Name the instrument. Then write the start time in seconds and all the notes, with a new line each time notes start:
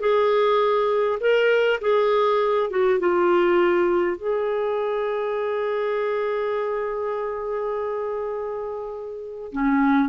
clarinet
0.00 G#4
1.20 A#4
1.81 G#4
2.70 F#4
2.99 F4
4.17 G#4
9.52 C#4